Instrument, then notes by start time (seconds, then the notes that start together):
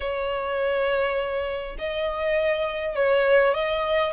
violin
0.00 C#5
1.78 D#5
2.95 C#5
3.53 D#5